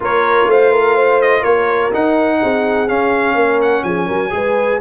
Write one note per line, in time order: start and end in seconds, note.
0.00 0.45 A#3
0.00 1.91 F4
0.00 0.50 A#4
0.00 0.50 C#5
0.45 1.41 A3
0.45 0.72 C5
0.45 1.21 F5
0.72 0.95 A#4
0.95 1.40 C5
1.21 1.43 D#5
1.40 1.92 A#3
1.40 2.36 A#4
1.40 1.91 C#5
1.93 2.88 D#4
1.93 2.42 D#4
1.93 2.88 F#5
2.41 2.89 C4
2.41 3.35 G#4
2.88 4.30 C#4
2.88 3.35 C#4
2.88 3.60 F5
3.35 3.83 A#3
3.35 3.83 A#4
3.61 3.83 F#5
3.83 4.08 F3
3.83 4.06 G#4
3.83 4.79 G#5
4.06 4.32 F#3
4.06 4.30 A#4
4.30 4.80 G#3
4.30 4.78 G#4
4.30 4.81 B4